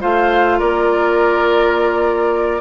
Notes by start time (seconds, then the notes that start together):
0.00 A3 F4 C5 F5
0.59 A#3 A#4 D5